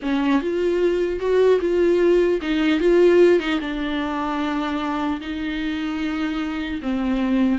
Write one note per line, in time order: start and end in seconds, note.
0.02 0.41 C#4
0.41 1.19 F4
1.19 1.59 F#4
1.60 2.40 F4
2.41 2.80 D#4
2.80 3.39 F4
3.39 3.59 D#4
3.60 5.20 D4
5.21 6.81 D#4
6.82 7.58 C4